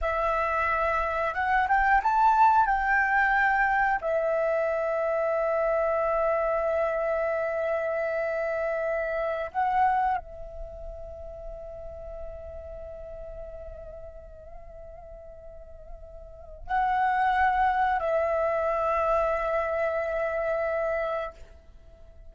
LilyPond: \new Staff \with { instrumentName = "flute" } { \time 4/4 \tempo 4 = 90 e''2 fis''8 g''8 a''4 | g''2 e''2~ | e''1~ | e''2~ e''16 fis''4 e''8.~ |
e''1~ | e''1~ | e''4 fis''2 e''4~ | e''1 | }